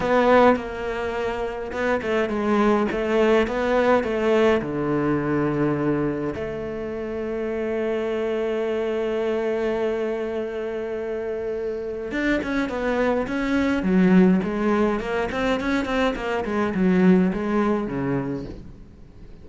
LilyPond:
\new Staff \with { instrumentName = "cello" } { \time 4/4 \tempo 4 = 104 b4 ais2 b8 a8 | gis4 a4 b4 a4 | d2. a4~ | a1~ |
a1~ | a4 d'8 cis'8 b4 cis'4 | fis4 gis4 ais8 c'8 cis'8 c'8 | ais8 gis8 fis4 gis4 cis4 | }